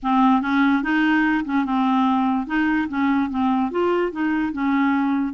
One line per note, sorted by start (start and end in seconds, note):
0.02 0.41 C4
0.41 0.82 C#4
0.82 1.44 D#4
1.44 1.65 C#4
1.65 2.46 C4
2.46 2.87 D#4
2.88 3.30 C#4
3.30 3.71 C4
3.71 4.12 F4
4.12 4.52 D#4
4.52 5.33 C#4